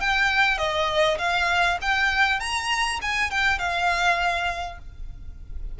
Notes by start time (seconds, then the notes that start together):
0.00 G5
0.58 D#5
1.18 F5
1.81 G5
2.40 A#5
3.01 G#5
3.30 G5
3.58 F5